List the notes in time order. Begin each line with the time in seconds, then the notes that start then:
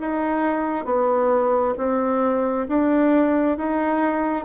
0.00 D#4
0.85 B3
1.77 C4
2.69 D4
3.57 D#4